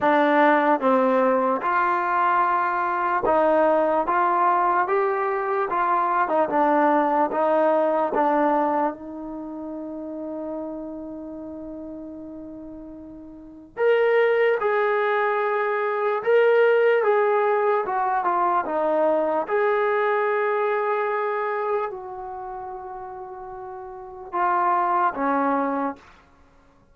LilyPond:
\new Staff \with { instrumentName = "trombone" } { \time 4/4 \tempo 4 = 74 d'4 c'4 f'2 | dis'4 f'4 g'4 f'8. dis'16 | d'4 dis'4 d'4 dis'4~ | dis'1~ |
dis'4 ais'4 gis'2 | ais'4 gis'4 fis'8 f'8 dis'4 | gis'2. fis'4~ | fis'2 f'4 cis'4 | }